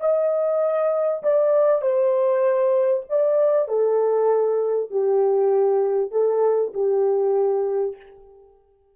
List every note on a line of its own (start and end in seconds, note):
0.00 1.22 D#5
1.23 1.81 D5
1.81 3.04 C5
3.09 3.68 D5
3.68 4.90 A4
4.90 6.11 G4
6.11 6.73 A4
6.74 7.96 G4